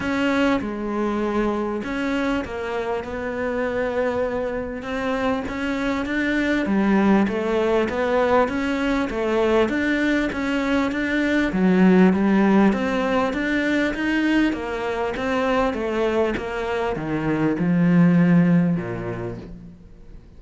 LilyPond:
\new Staff \with { instrumentName = "cello" } { \time 4/4 \tempo 4 = 99 cis'4 gis2 cis'4 | ais4 b2. | c'4 cis'4 d'4 g4 | a4 b4 cis'4 a4 |
d'4 cis'4 d'4 fis4 | g4 c'4 d'4 dis'4 | ais4 c'4 a4 ais4 | dis4 f2 ais,4 | }